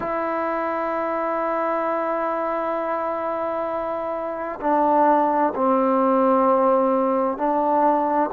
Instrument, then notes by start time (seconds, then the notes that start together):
trombone
0.00 E4
4.60 D4
5.55 C4
7.37 D4